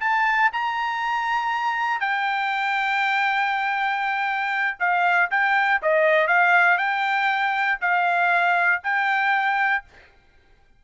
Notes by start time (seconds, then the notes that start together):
0.00 A5
0.52 A#5
2.00 G5
4.79 F5
5.30 G5
5.82 D#5
6.27 F5
6.77 G5
7.81 F5
8.83 G5